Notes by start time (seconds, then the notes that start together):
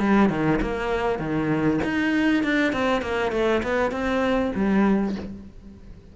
0.00 G3
0.29 D#3
0.61 A#3
1.19 D#3
1.84 D#4
2.44 D4
2.73 C4
3.02 A#3
3.32 A3
3.63 B3
3.91 C4
4.55 G3